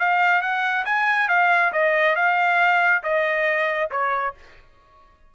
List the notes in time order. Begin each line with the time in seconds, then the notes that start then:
0.00 F5
0.42 F#5
0.85 G#5
1.29 F5
1.73 D#5
2.16 F5
3.03 D#5
3.91 C#5